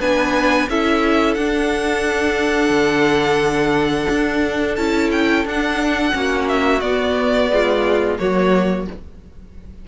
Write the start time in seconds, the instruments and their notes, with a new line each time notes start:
0.00 cello B3, viola D4, violin B4 G#5
0.68 cello C#4, viola E4, violin A4 E5
1.34 cello D4, viola D4, violin F#5
2.70 cello D3
4.10 cello D4
4.76 cello C#4, viola E4, violin A5
5.12 violin G5
5.45 cello D4, viola D4, violin F#5
6.12 cello A#3, viola C#4, violin F#4
6.48 violin E5
6.81 cello B3, viola B3, violin D5
7.51 viola G#3, violin F4
8.18 cello F#3, viola A#3, violin F#4 C#5